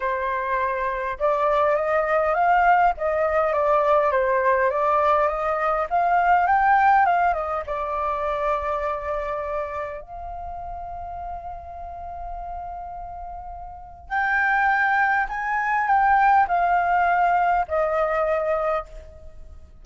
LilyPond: \new Staff \with { instrumentName = "flute" } { \time 4/4 \tempo 4 = 102 c''2 d''4 dis''4 | f''4 dis''4 d''4 c''4 | d''4 dis''4 f''4 g''4 | f''8 dis''8 d''2.~ |
d''4 f''2.~ | f''1 | g''2 gis''4 g''4 | f''2 dis''2 | }